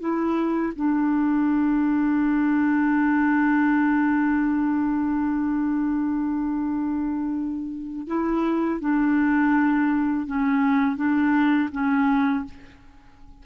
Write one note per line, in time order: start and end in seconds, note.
0.00 0.73 E4
0.76 8.07 D4
8.07 8.80 E4
8.81 10.27 D4
10.27 10.97 C#4
10.97 11.70 D4
11.72 12.45 C#4